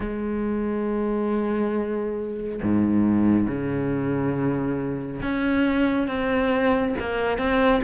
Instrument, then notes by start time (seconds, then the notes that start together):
cello
0.00 G#3
2.62 G#2
3.47 C#3
5.22 C#4
6.07 C4
6.99 A#3
7.38 C4